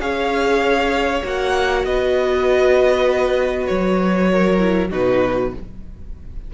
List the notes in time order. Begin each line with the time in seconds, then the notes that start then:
0.00 C#4 G#4 C#5 F5
1.22 A#3 F#4 F#5
1.84 B3 B4 D#5
3.66 F#3 C#5
4.31 A#4
4.58 E4
4.90 B2 D#4 F#4 B4